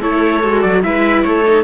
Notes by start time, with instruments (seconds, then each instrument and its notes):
0.00 cello A3, viola E4 A4, trumpet C#5
0.43 cello G#3, viola F#4
0.61 cello F#3, trumpet D5
0.83 cello G#3, viola E4 B4, trumpet E5
1.23 cello A3, viola A4, trumpet C#5
1.47 viola D#4